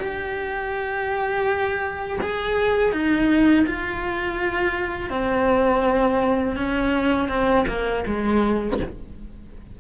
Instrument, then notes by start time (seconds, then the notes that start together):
cello
0.00 G4
2.22 G#4
2.93 D#4
3.67 F4
5.10 C4
6.57 C#4
7.29 C4
7.68 A#3
8.07 G#3